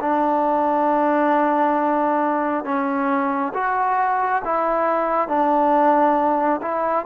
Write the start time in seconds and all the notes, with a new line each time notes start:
0.00 D4
2.64 C#4
3.54 F#4
4.44 E4
5.28 D4
6.62 E4